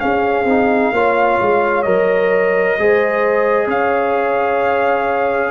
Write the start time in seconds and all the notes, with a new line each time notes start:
0.00 C#4 G#4 F5
0.45 C4 D#4
0.92 A#3 F4 C#5
1.42 G#3
1.83 F#3 A#4 D#5
2.79 G#3 G#4 C5
3.67 C#4 C#5 F5